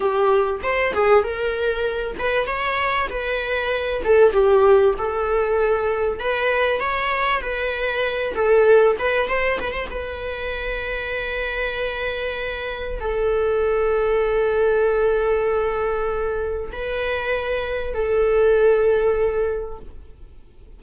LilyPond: \new Staff \with { instrumentName = "viola" } { \time 4/4 \tempo 4 = 97 g'4 c''8 gis'8 ais'4. b'8 | cis''4 b'4. a'8 g'4 | a'2 b'4 cis''4 | b'4. a'4 b'8 c''8 b'16 c''16 |
b'1~ | b'4 a'2.~ | a'2. b'4~ | b'4 a'2. | }